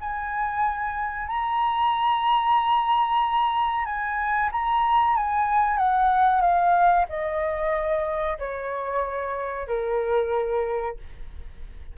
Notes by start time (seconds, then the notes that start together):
0.00 G#5
1.28 A#5
3.85 G#5
4.52 A#5
5.16 G#5
5.77 F#5
6.41 F5
7.09 D#5
8.38 C#5
9.67 A#4